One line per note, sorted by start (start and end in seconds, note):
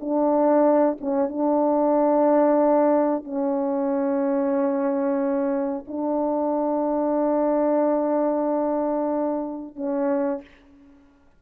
0.00 0.98 D4
1.00 1.28 C#4
1.28 3.24 D4
3.24 5.85 C#4
5.87 9.76 D4
9.76 10.41 C#4